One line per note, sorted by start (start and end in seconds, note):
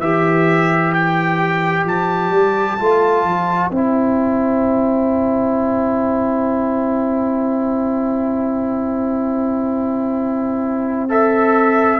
0.00 1.84 E3
0.00 2.79 G4
0.00 12.00 C5
0.00 0.92 E5
0.94 1.86 G5
1.84 2.31 F3
1.84 3.71 A5
2.31 2.77 G3
2.79 3.23 A3
2.79 3.71 F4
3.23 3.69 F3
3.71 12.00 C4
3.71 11.09 E4
3.71 11.09 G5
11.09 12.00 A4
11.09 12.00 E5